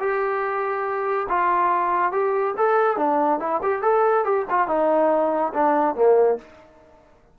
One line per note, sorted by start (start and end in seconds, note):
0.00 1.28 G4
1.29 2.12 F4
2.12 2.55 G4
2.58 2.97 A4
2.97 3.40 D4
3.40 3.61 E4
3.63 3.82 G4
3.82 4.25 A4
4.25 4.46 G4
4.50 4.68 F4
4.68 5.53 D#4
5.54 5.96 D4
5.96 6.38 A#3